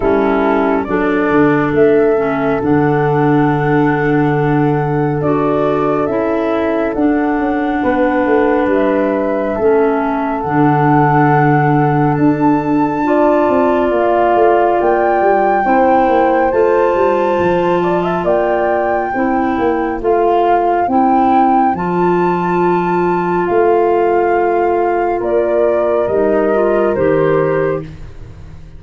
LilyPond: <<
  \new Staff \with { instrumentName = "flute" } { \time 4/4 \tempo 4 = 69 a'4 d''4 e''4 fis''4~ | fis''2 d''4 e''4 | fis''2 e''2 | fis''2 a''2 |
f''4 g''2 a''4~ | a''4 g''2 f''4 | g''4 a''2 f''4~ | f''4 d''4 dis''4 c''4 | }
  \new Staff \with { instrumentName = "horn" } { \time 4/4 e'4 a'2.~ | a'1~ | a'4 b'2 a'4~ | a'2. d''4~ |
d''2 c''2~ | c''8 d''16 e''16 d''4 c''2~ | c''1~ | c''4 ais'2. | }
  \new Staff \with { instrumentName = "clarinet" } { \time 4/4 cis'4 d'4. cis'8 d'4~ | d'2 fis'4 e'4 | d'2. cis'4 | d'2. f'4~ |
f'2 e'4 f'4~ | f'2 e'4 f'4 | e'4 f'2.~ | f'2 dis'8 f'8 g'4 | }
  \new Staff \with { instrumentName = "tuba" } { \time 4/4 g4 fis8 d8 a4 d4~ | d2 d'4 cis'4 | d'8 cis'8 b8 a8 g4 a4 | d2 d'4. c'8 |
ais8 a8 ais8 g8 c'8 ais8 a8 g8 | f4 ais4 c'8 ais8 a4 | c'4 f2 a4~ | a4 ais4 g4 dis4 | }
>>